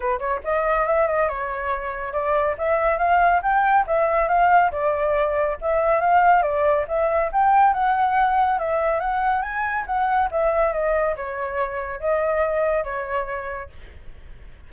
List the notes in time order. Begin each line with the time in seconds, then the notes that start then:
0.00 B4
0.18 C#5
0.44 D#5
0.86 E5
1.07 D#5
1.28 C#5
2.12 D5
2.57 E5
2.98 F5
3.42 G5
3.86 E5
4.28 F5
4.71 D5
5.61 E5
6.00 F5
6.42 D5
6.88 E5
7.32 G5
7.73 F#5
8.59 E5
9.00 F#5
9.42 G#5
9.86 F#5
10.31 E5
10.72 D#5
11.16 C#5
12.00 D#5
12.84 C#5